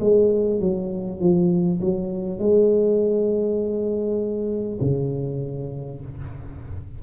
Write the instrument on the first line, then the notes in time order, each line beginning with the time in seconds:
tuba
0.00 G#3
0.59 F#3
1.19 F3
1.80 F#3
2.38 G#3
4.81 C#3